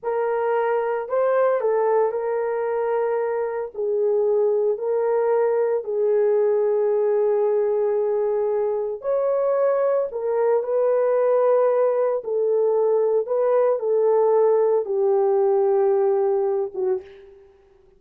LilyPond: \new Staff \with { instrumentName = "horn" } { \time 4/4 \tempo 4 = 113 ais'2 c''4 a'4 | ais'2. gis'4~ | gis'4 ais'2 gis'4~ | gis'1~ |
gis'4 cis''2 ais'4 | b'2. a'4~ | a'4 b'4 a'2 | g'2.~ g'8 fis'8 | }